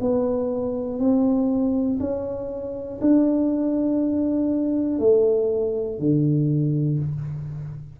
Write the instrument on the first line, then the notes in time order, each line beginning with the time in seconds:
tuba
0.00 B3
0.99 C4
1.99 C#4
3.01 D4
4.99 A3
5.99 D3